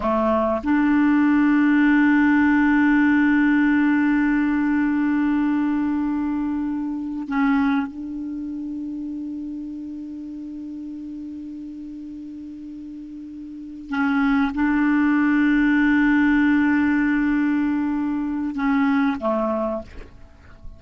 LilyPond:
\new Staff \with { instrumentName = "clarinet" } { \time 4/4 \tempo 4 = 97 a4 d'2.~ | d'1~ | d'2.~ d'8. cis'16~ | cis'8. d'2.~ d'16~ |
d'1~ | d'2~ d'8 cis'4 d'8~ | d'1~ | d'2 cis'4 a4 | }